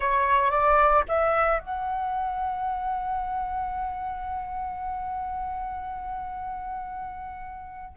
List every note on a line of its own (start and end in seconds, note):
0.00 0.50 C#5
0.50 1.04 D5
1.08 1.59 E5
1.59 7.96 F#5